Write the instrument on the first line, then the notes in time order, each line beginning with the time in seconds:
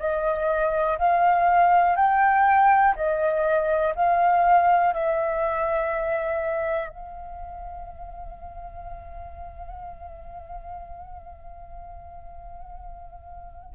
flute
0.00 D#5
0.99 F5
1.97 G5
2.96 D#5
3.96 F5
4.94 E5
6.89 F5